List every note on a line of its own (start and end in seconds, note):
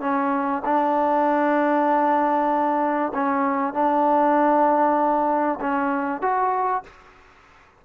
0.00 0.62 C#4
0.65 3.12 D4
3.14 3.73 C#4
3.73 5.59 D4
5.60 6.21 C#4
6.21 6.83 F#4